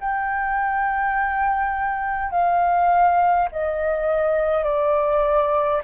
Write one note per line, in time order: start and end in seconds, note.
0.00 2.31 G5
2.31 3.49 F5
3.51 4.64 D#5
4.64 5.81 D5